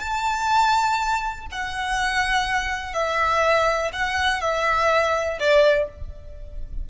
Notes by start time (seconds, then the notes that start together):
0.00 A5
1.52 F#5
2.94 E5
3.93 F#5
4.41 E5
5.40 D5